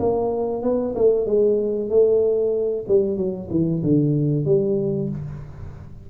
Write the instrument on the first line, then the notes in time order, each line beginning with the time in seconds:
tuba
0.00 A#3
0.63 B3
0.95 A3
1.26 G#3
1.90 A3
2.88 G3
3.17 F#3
3.51 E3
3.83 D3
4.45 G3